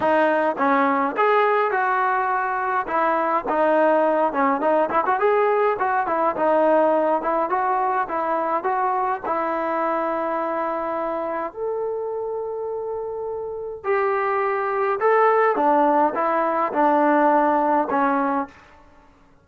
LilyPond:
\new Staff \with { instrumentName = "trombone" } { \time 4/4 \tempo 4 = 104 dis'4 cis'4 gis'4 fis'4~ | fis'4 e'4 dis'4. cis'8 | dis'8 e'16 fis'16 gis'4 fis'8 e'8 dis'4~ | dis'8 e'8 fis'4 e'4 fis'4 |
e'1 | a'1 | g'2 a'4 d'4 | e'4 d'2 cis'4 | }